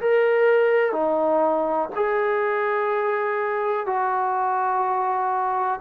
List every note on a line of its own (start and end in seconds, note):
0.00 0.92 A#4
0.92 1.89 D#4
1.95 3.86 G#4
3.86 5.79 F#4